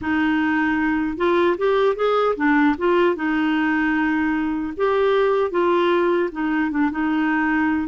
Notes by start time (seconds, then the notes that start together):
0.01 D#4
1.17 F4
1.57 G4
1.95 G#4
2.36 D4
2.78 F4
3.15 D#4
4.77 G4
5.50 F4
6.32 D#4
6.70 D4
6.91 D#4